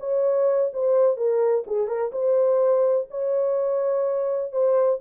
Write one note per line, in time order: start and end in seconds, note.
0.00 0.71 C#5
0.74 1.17 C5
1.17 1.65 A#4
1.67 1.88 G#4
1.88 2.12 A#4
2.13 3.08 C5
3.11 4.52 C#5
4.52 5.00 C5